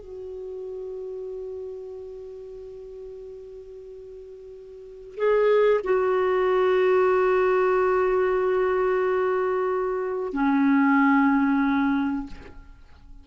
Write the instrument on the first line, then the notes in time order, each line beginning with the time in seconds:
clarinet
0.00 F#4
5.17 G#4
5.84 F#4
10.34 C#4